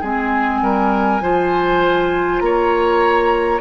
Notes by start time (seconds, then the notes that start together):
0.00 G#3 C4 G#4 G#5
0.61 G3 A#4
1.21 F3 F4 C5
2.39 A#3 C#5 A#5